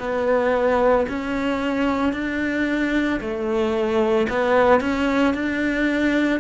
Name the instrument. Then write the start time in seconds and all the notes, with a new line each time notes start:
cello
0.00 B3
1.09 C#4
2.13 D4
3.20 A3
4.30 B3
4.81 C#4
5.34 D4